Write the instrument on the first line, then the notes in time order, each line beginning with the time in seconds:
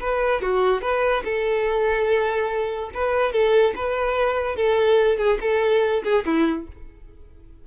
violin
0.00 B4
0.42 F#4
0.81 B4
1.24 A4
2.94 B4
3.32 A4
3.76 B4
4.56 A4
5.18 G#4
5.41 A4
6.04 G#4
6.26 E4